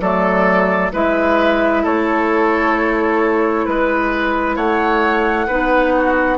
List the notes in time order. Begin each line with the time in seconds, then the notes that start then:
0.00 F#3 A3 A4 D5
0.92 G#3 E4 B4 E5
1.83 A3 A4 C#5
3.66 G#3 B4
4.56 A3 C#5 F#5
5.47 B3 D#4 B4
5.96 F#4